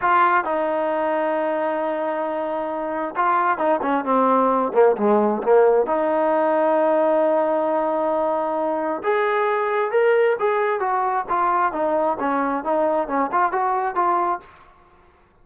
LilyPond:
\new Staff \with { instrumentName = "trombone" } { \time 4/4 \tempo 4 = 133 f'4 dis'2.~ | dis'2. f'4 | dis'8 cis'8 c'4. ais8 gis4 | ais4 dis'2.~ |
dis'1 | gis'2 ais'4 gis'4 | fis'4 f'4 dis'4 cis'4 | dis'4 cis'8 f'8 fis'4 f'4 | }